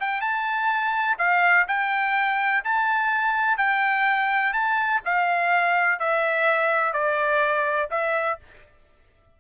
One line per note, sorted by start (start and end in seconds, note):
0.00 0.21 G5
0.21 1.17 A5
1.18 1.66 F5
1.68 2.64 G5
2.64 3.57 A5
3.57 4.53 G5
4.53 5.01 A5
5.05 5.99 F5
5.99 6.93 E5
6.93 7.89 D5
7.91 8.39 E5